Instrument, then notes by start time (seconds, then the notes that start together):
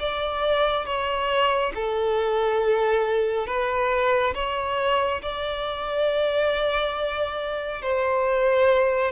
violin
0.00 D5
0.86 C#5
1.75 A4
3.47 B4
4.35 C#5
5.22 D5
7.82 C5